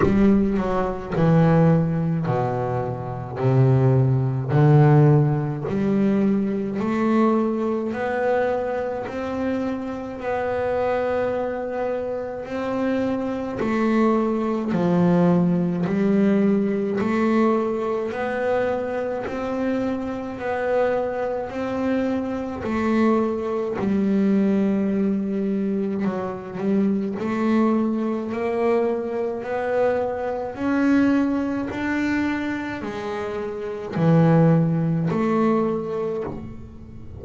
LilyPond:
\new Staff \with { instrumentName = "double bass" } { \time 4/4 \tempo 4 = 53 g8 fis8 e4 b,4 c4 | d4 g4 a4 b4 | c'4 b2 c'4 | a4 f4 g4 a4 |
b4 c'4 b4 c'4 | a4 g2 fis8 g8 | a4 ais4 b4 cis'4 | d'4 gis4 e4 a4 | }